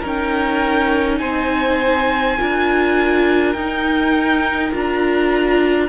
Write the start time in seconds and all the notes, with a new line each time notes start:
0.00 C#4 D#4 A#4
0.07 G5
1.18 C4 C5 G#5
2.38 D4 F4 A#4
3.53 D#4 G5
4.72 D4 F4 A#5